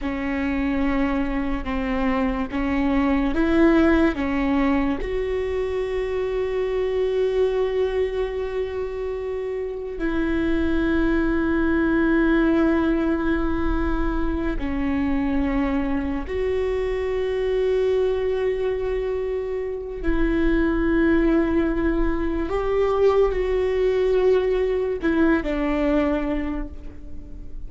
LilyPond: \new Staff \with { instrumentName = "viola" } { \time 4/4 \tempo 4 = 72 cis'2 c'4 cis'4 | e'4 cis'4 fis'2~ | fis'1 | e'1~ |
e'4. cis'2 fis'8~ | fis'1 | e'2. g'4 | fis'2 e'8 d'4. | }